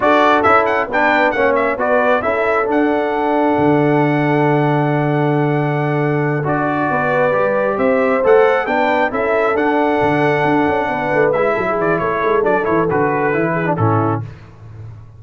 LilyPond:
<<
  \new Staff \with { instrumentName = "trumpet" } { \time 4/4 \tempo 4 = 135 d''4 e''8 fis''8 g''4 fis''8 e''8 | d''4 e''4 fis''2~ | fis''1~ | fis''2~ fis''8 d''4.~ |
d''4. e''4 fis''4 g''8~ | g''8 e''4 fis''2~ fis''8~ | fis''4. e''4 d''8 cis''4 | d''8 cis''8 b'2 a'4 | }
  \new Staff \with { instrumentName = "horn" } { \time 4/4 a'2 b'4 cis''4 | b'4 a'2.~ | a'1~ | a'2.~ a'8 b'8~ |
b'4. c''2 b'8~ | b'8 a'2.~ a'8~ | a'8 b'4. a'16 gis'8. a'4~ | a'2~ a'8 gis'8 e'4 | }
  \new Staff \with { instrumentName = "trombone" } { \time 4/4 fis'4 e'4 d'4 cis'4 | fis'4 e'4 d'2~ | d'1~ | d'2~ d'8 fis'4.~ |
fis'8 g'2 a'4 d'8~ | d'8 e'4 d'2~ d'8~ | d'4. e'2~ e'8 | d'8 e'8 fis'4 e'8. d'16 cis'4 | }
  \new Staff \with { instrumentName = "tuba" } { \time 4/4 d'4 cis'4 b4 ais4 | b4 cis'4 d'2 | d1~ | d2~ d8 d'4 b8~ |
b8 g4 c'4 a4 b8~ | b8 cis'4 d'4 d4 d'8 | cis'8 b8 a8 gis8 fis8 e8 a8 gis8 | fis8 e8 d4 e4 a,4 | }
>>